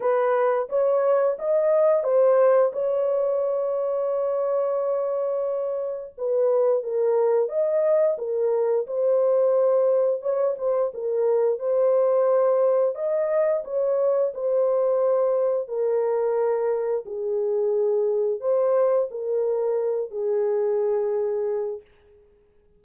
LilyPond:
\new Staff \with { instrumentName = "horn" } { \time 4/4 \tempo 4 = 88 b'4 cis''4 dis''4 c''4 | cis''1~ | cis''4 b'4 ais'4 dis''4 | ais'4 c''2 cis''8 c''8 |
ais'4 c''2 dis''4 | cis''4 c''2 ais'4~ | ais'4 gis'2 c''4 | ais'4. gis'2~ gis'8 | }